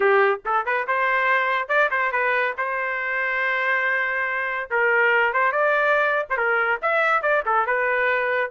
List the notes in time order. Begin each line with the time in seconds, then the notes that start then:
0.00 G4
0.45 A4
0.65 B4
0.87 C5
1.68 D5
1.91 C5
2.12 B4
2.57 C5
4.70 A#4
5.33 C5
5.52 D5
6.29 C5
6.37 A#4
6.81 E5
7.21 D5
7.45 A4
7.66 B4